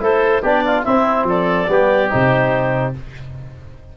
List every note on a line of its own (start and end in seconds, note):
0.00 0.42 A3
0.00 0.42 E4
0.00 0.42 A4
0.00 0.44 C5
0.42 0.85 B3
0.42 0.84 D4
0.42 0.63 G4
0.42 0.84 D5
0.66 0.85 F4
0.84 1.68 C4
0.84 1.24 C4
0.84 1.26 E4
0.84 1.25 E5
1.24 1.65 F3
1.24 1.71 A4
1.24 2.12 D5
1.69 2.10 G3
1.69 2.10 B3
1.69 2.96 G4
2.10 2.97 C3
2.10 2.93 D#4
2.10 2.95 C5